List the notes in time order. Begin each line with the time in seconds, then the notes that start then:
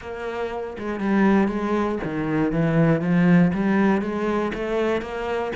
0.01 A#3
0.78 G#3
0.99 G3
1.48 G#3
2.04 D#3
2.52 E3
3.01 F3
3.53 G3
4.01 G#3
4.54 A3
5.01 A#3